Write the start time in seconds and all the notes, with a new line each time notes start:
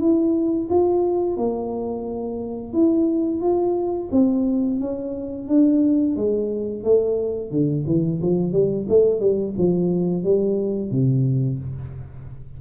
0.00 E4
0.69 F4
1.37 A#3
2.73 E4
3.41 F4
4.12 C4
4.80 C#4
5.48 D4
6.16 G#3
6.84 A3
7.51 D3
7.87 E3
8.22 F3
8.53 G3
8.89 A3
9.20 G3
9.58 F3
10.24 G3
10.91 C3